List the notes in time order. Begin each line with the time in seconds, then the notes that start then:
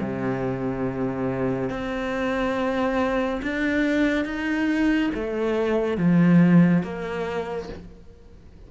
0.00 C3
1.70 C4
3.42 D4
4.25 D#4
5.14 A3
5.97 F3
6.83 A#3